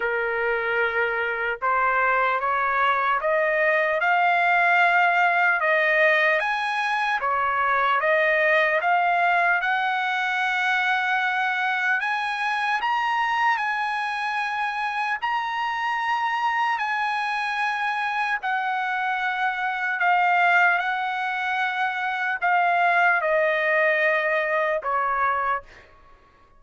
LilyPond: \new Staff \with { instrumentName = "trumpet" } { \time 4/4 \tempo 4 = 75 ais'2 c''4 cis''4 | dis''4 f''2 dis''4 | gis''4 cis''4 dis''4 f''4 | fis''2. gis''4 |
ais''4 gis''2 ais''4~ | ais''4 gis''2 fis''4~ | fis''4 f''4 fis''2 | f''4 dis''2 cis''4 | }